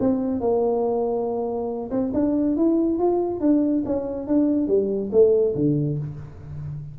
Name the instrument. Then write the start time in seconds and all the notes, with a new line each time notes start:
tuba
0.00 C4
0.41 A#3
1.91 C4
2.14 D4
2.57 E4
2.99 F4
3.41 D4
3.86 C#4
4.27 D4
4.68 G3
5.12 A3
5.55 D3